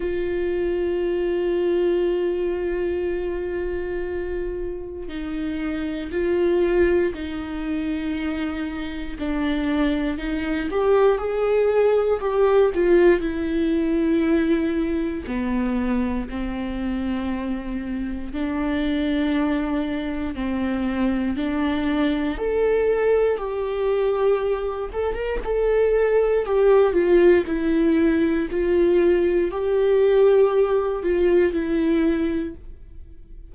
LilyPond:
\new Staff \with { instrumentName = "viola" } { \time 4/4 \tempo 4 = 59 f'1~ | f'4 dis'4 f'4 dis'4~ | dis'4 d'4 dis'8 g'8 gis'4 | g'8 f'8 e'2 b4 |
c'2 d'2 | c'4 d'4 a'4 g'4~ | g'8 a'16 ais'16 a'4 g'8 f'8 e'4 | f'4 g'4. f'8 e'4 | }